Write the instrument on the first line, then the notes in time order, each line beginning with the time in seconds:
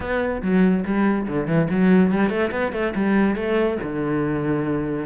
cello
0.00 B3
0.42 F#3
0.85 G3
1.28 D3
1.47 E3
1.70 F#3
2.11 G3
2.29 A3
2.51 B3
2.72 A3
2.95 G3
3.35 A3
3.82 D3